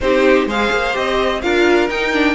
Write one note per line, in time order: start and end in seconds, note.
0.00 0.46 C4
0.00 0.48 D#4
0.00 0.47 G4
0.00 0.48 C5
0.46 0.69 G#3
0.46 0.93 G#4
0.46 1.42 C5
0.46 0.96 F5
0.71 0.95 A#3
0.93 1.43 C4
0.93 1.40 G4
0.93 1.41 D#5
1.41 1.89 D4
1.41 1.89 F4
1.41 2.34 A#4
1.41 1.88 F5
1.89 2.34 D#4
1.89 2.12 D#4
1.89 2.34 G5
2.12 2.34 D4